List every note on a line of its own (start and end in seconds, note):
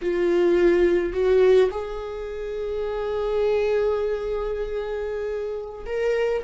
0.01 1.12 F4
1.12 1.70 F#4
1.70 5.85 G#4
5.86 6.43 A#4